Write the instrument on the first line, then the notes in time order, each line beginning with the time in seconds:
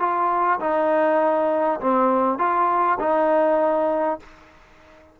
trombone
0.00 F4
0.61 D#4
1.81 C4
2.39 F4
3.00 D#4